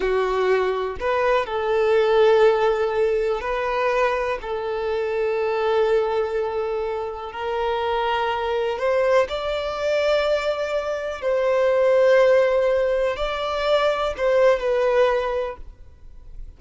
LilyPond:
\new Staff \with { instrumentName = "violin" } { \time 4/4 \tempo 4 = 123 fis'2 b'4 a'4~ | a'2. b'4~ | b'4 a'2.~ | a'2. ais'4~ |
ais'2 c''4 d''4~ | d''2. c''4~ | c''2. d''4~ | d''4 c''4 b'2 | }